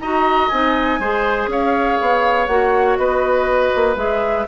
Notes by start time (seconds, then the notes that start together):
0.00 D#4 F#4 D#5 A#5
0.49 C4 D#4 G#5
0.99 G#3 G#4 C5
1.47 C#4 C#5 F5
2.01 B3
2.47 A#3 F#4 F#5
2.96 B3 B4 D#5
3.75 A#3
3.96 G#3 G#4 E5